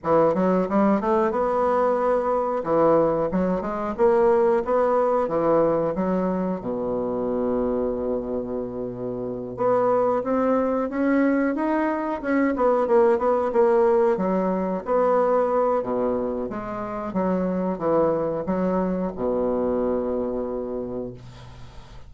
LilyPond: \new Staff \with { instrumentName = "bassoon" } { \time 4/4 \tempo 4 = 91 e8 fis8 g8 a8 b2 | e4 fis8 gis8 ais4 b4 | e4 fis4 b,2~ | b,2~ b,8 b4 c'8~ |
c'8 cis'4 dis'4 cis'8 b8 ais8 | b8 ais4 fis4 b4. | b,4 gis4 fis4 e4 | fis4 b,2. | }